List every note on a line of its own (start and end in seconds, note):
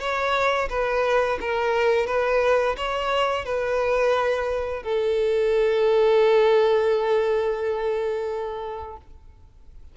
0.00 0.69 C#5
0.70 1.39 B4
1.41 2.07 A#4
2.07 2.76 B4
2.77 3.45 C#5
3.45 4.83 B4
4.83 8.97 A4